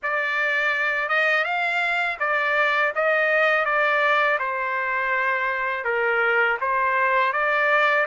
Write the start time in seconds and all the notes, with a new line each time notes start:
0.02 D5
1.08 D#5
1.44 F5
2.19 D5
2.95 D#5
3.65 D5
4.39 C5
5.84 A#4
6.61 C5
7.32 D5